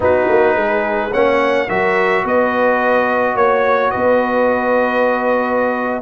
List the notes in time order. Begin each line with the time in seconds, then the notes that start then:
0.00 B3 D#4 F#4 B4
0.29 A#3
0.55 G#3 G#4
1.10 A#3 C#4 C#5 F#5
1.68 F#3 F#4 A#4 E5
2.24 B3 B4 D#5
3.35 A#3 C#5
3.90 B3 B4 D#5